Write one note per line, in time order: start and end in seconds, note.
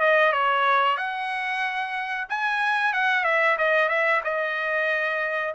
0.00 0.32 D#5
0.32 0.97 C#5
0.97 2.28 F#5
2.29 2.93 G#5
2.93 3.24 F#5
3.24 3.57 E5
3.58 3.89 D#5
3.89 4.21 E5
4.24 5.54 D#5